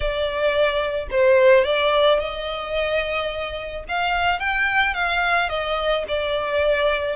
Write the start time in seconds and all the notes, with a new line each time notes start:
0.00 D5
1.11 C5
1.64 D5
2.19 D#5
3.88 F5
4.39 G5
4.94 F5
5.49 D#5
6.08 D5